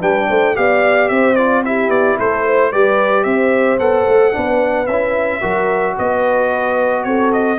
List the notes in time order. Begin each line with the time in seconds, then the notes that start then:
0.00 G3 D4 B4 G5
0.28 A3 C5
0.55 B3 G4 D5 F5
1.08 C4 C5 E5
1.35 F4 D5
1.64 E4 G4 E5
1.89 B3 D5
2.18 A3 A4 C5
2.45 C5
2.71 G3 G4 B4 D5
3.23 C4 C5 E5
3.78 B3 A4 F#5
4.07 A3
4.32 B3 D4 B4
4.86 C#4 E4 E5
5.40 F#3 F#4 A#4
5.98 B3 B4 D#5
7.04 C4 A4 C#5
7.32 D#5